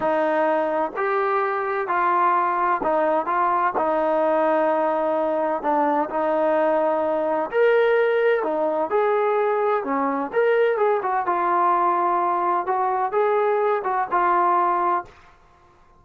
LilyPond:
\new Staff \with { instrumentName = "trombone" } { \time 4/4 \tempo 4 = 128 dis'2 g'2 | f'2 dis'4 f'4 | dis'1 | d'4 dis'2. |
ais'2 dis'4 gis'4~ | gis'4 cis'4 ais'4 gis'8 fis'8 | f'2. fis'4 | gis'4. fis'8 f'2 | }